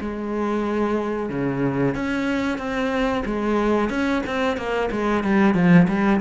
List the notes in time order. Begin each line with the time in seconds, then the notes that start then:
0.00 G#3
1.30 C#3
1.94 C#4
2.58 C4
3.25 G#3
3.90 C#4
4.26 C4
4.57 A#3
4.91 G#3
5.24 G3
5.54 F3
5.88 G3